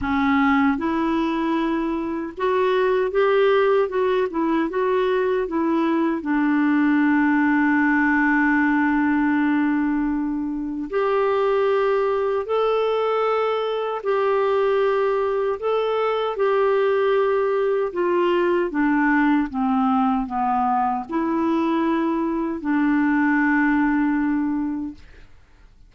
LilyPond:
\new Staff \with { instrumentName = "clarinet" } { \time 4/4 \tempo 4 = 77 cis'4 e'2 fis'4 | g'4 fis'8 e'8 fis'4 e'4 | d'1~ | d'2 g'2 |
a'2 g'2 | a'4 g'2 f'4 | d'4 c'4 b4 e'4~ | e'4 d'2. | }